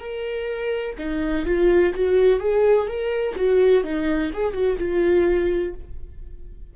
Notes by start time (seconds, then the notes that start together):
0.00 A#4
0.98 D#4
1.45 F4
1.94 F#4
2.40 G#4
2.87 A#4
3.36 F#4
3.84 D#4
4.33 G#4
4.53 F#4
4.79 F4